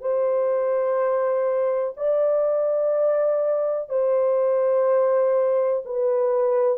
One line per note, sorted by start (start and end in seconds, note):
0.00 1.94 C5
1.96 3.89 D5
3.89 5.82 C5
5.85 6.78 B4